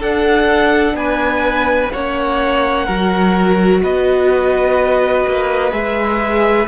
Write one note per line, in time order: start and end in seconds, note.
0.00 0.94 D4
0.00 1.93 D4
0.00 0.95 A4
0.00 0.96 F#5
0.94 1.89 B3
0.94 1.93 B4
0.94 1.92 G#5
1.93 2.88 A#3
1.93 2.90 C#4
1.93 2.86 C#5
1.93 3.84 F#5
2.86 3.84 F#3
2.86 5.72 F#4
2.86 3.81 A#4
3.84 5.27 B3
3.84 6.68 B4
3.84 5.73 D#5
5.28 5.72 A#3
5.72 6.68 G#3
5.72 6.67 G#4
5.72 6.68 E5